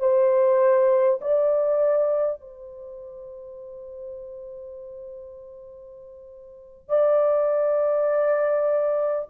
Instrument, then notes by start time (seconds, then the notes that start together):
horn
0.00 C5
1.21 D5
2.41 C5
6.89 D5